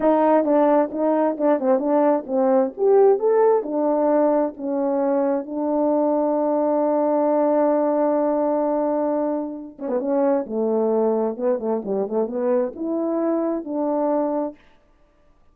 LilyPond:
\new Staff \with { instrumentName = "horn" } { \time 4/4 \tempo 4 = 132 dis'4 d'4 dis'4 d'8 c'8 | d'4 c'4 g'4 a'4 | d'2 cis'2 | d'1~ |
d'1~ | d'4. cis'16 b16 cis'4 a4~ | a4 b8 a8 g8 a8 b4 | e'2 d'2 | }